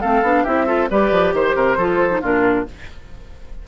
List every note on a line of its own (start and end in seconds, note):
0.00 0.22 A3
0.00 0.23 C4
0.00 0.43 A4
0.00 0.44 F5
0.22 0.44 B3
0.22 0.46 D4
0.43 0.90 C4
0.43 0.66 E4
0.43 0.65 G4
0.43 0.88 E5
0.66 0.87 F4
0.66 0.88 A4
0.90 1.11 G3
0.90 1.78 G4
0.90 1.34 B4
0.90 1.33 D5
1.11 1.33 F3
1.33 1.54 D#3
1.33 1.55 C5
1.33 2.23 C5
1.55 1.76 C3
1.55 1.77 A#4
1.77 2.21 F3
1.77 2.09 F4
1.77 2.21 A4
2.09 2.20 D#4
2.21 2.66 A#2
2.21 2.66 D4
2.21 2.64 F4
2.21 2.67 A#4